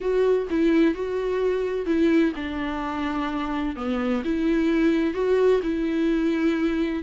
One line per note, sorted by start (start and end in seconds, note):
0.00 0.47 F#4
0.50 0.94 E4
0.94 1.86 F#4
1.86 2.32 E4
2.35 3.75 D4
3.75 4.22 B3
4.24 5.13 E4
5.13 5.60 F#4
5.62 7.03 E4